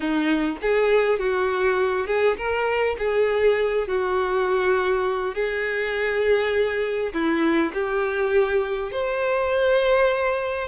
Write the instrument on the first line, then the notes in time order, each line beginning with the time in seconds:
violin
0.00 D#4
0.61 G#4
1.19 F#4
2.07 G#4
2.37 A#4
2.98 G#4
3.87 F#4
5.34 G#4
7.13 E4
7.73 G4
8.91 C5